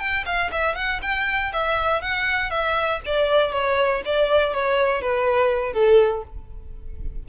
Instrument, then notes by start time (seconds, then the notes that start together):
violin
0.00 G5
0.26 F5
0.52 E5
0.76 F#5
1.02 G5
1.53 E5
2.02 F#5
2.51 E5
3.06 D5
3.52 C#5
4.05 D5
4.54 C#5
5.02 B4
5.74 A4